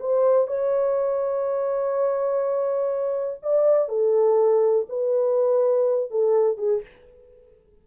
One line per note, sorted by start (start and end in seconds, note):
0.00 0.48 C5
0.48 3.40 C#5
3.43 3.89 D5
3.89 4.87 A4
4.89 6.11 B4
6.11 6.58 A4
6.58 6.82 G#4